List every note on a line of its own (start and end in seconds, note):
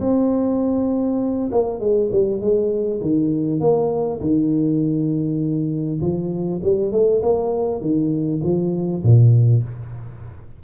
0.00 1.50 C4
1.51 1.79 A#3
1.79 2.09 G#3
2.12 2.40 G3
2.40 3.00 G#3
3.01 3.60 D#3
3.60 4.20 A#3
4.20 6.00 D#3
6.01 6.61 F3
6.63 6.91 G3
6.91 7.21 A3
7.22 7.81 A#3
7.81 8.41 D#3
8.43 9.03 F3
9.03 9.63 A#2